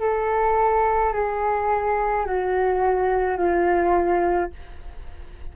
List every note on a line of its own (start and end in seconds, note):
0.00 1.13 A4
1.13 2.26 G#4
2.26 3.38 F#4
3.38 4.51 F4